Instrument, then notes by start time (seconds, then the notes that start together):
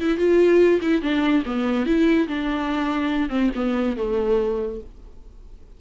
viola
0.00 E4
0.17 F4
0.81 E4
1.02 D4
1.45 B3
1.86 E4
2.28 D4
3.29 C4
3.55 B3
3.97 A3